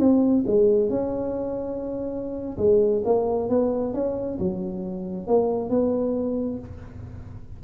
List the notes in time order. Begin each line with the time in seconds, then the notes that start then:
0.00 C4
0.47 G#3
0.90 C#4
2.58 G#3
3.05 A#3
3.49 B3
3.94 C#4
4.39 F#3
5.28 A#3
5.70 B3